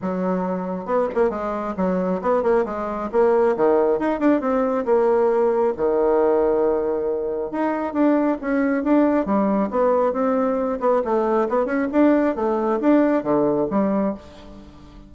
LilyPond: \new Staff \with { instrumentName = "bassoon" } { \time 4/4 \tempo 4 = 136 fis2 b8 ais8 gis4 | fis4 b8 ais8 gis4 ais4 | dis4 dis'8 d'8 c'4 ais4~ | ais4 dis2.~ |
dis4 dis'4 d'4 cis'4 | d'4 g4 b4 c'4~ | c'8 b8 a4 b8 cis'8 d'4 | a4 d'4 d4 g4 | }